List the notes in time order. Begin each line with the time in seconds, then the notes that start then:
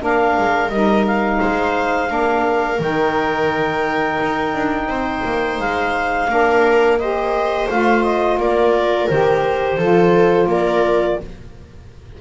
0.00 A#3 D4 A#4 F5
0.38 G#3
0.69 G3 D#4 D#5
1.07 F5
1.41 G#3 C5
2.08 A#3 D4 A#4
2.80 D#3 D#4 G5
4.22 D#4
4.55 D4
4.88 C4 C5
5.25 A#3
5.59 G#3 F5
6.28 A#3 D4 A#4
6.99 G4 C5 D#5
7.70 A3 F4 F5
8.04 D#5
8.38 A#3 A#4 D5
9.09 D#3 G4 C5
9.78 F3 F4 A4
10.47 A#3 A#4 D5